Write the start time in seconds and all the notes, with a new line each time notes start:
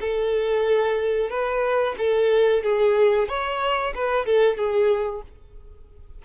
0.00 A4
1.30 B4
1.97 A4
2.63 G#4
3.28 C#5
3.95 B4
4.25 A4
4.56 G#4